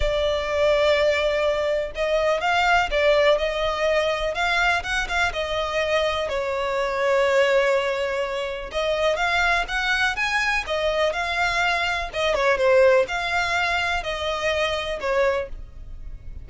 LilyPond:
\new Staff \with { instrumentName = "violin" } { \time 4/4 \tempo 4 = 124 d''1 | dis''4 f''4 d''4 dis''4~ | dis''4 f''4 fis''8 f''8 dis''4~ | dis''4 cis''2.~ |
cis''2 dis''4 f''4 | fis''4 gis''4 dis''4 f''4~ | f''4 dis''8 cis''8 c''4 f''4~ | f''4 dis''2 cis''4 | }